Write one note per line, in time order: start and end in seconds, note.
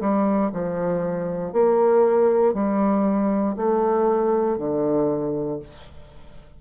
0.00 0.51 G3
0.52 1.53 F3
1.53 2.54 A#3
2.54 3.55 G3
3.56 4.58 A3
4.58 5.59 D3